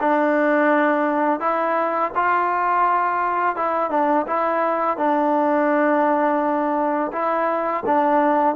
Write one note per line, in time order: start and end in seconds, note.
0.00 1.40 D4
1.40 2.11 E4
2.15 3.56 F4
3.56 3.90 E4
3.90 4.26 D4
4.27 4.97 E4
4.97 7.12 D4
7.12 7.84 E4
7.86 8.56 D4